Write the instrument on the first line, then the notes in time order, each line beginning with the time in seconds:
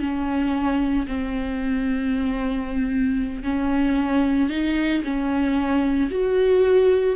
viola
0.00 C#4
1.07 C4
3.43 C#4
4.49 D#4
5.04 C#4
6.11 F#4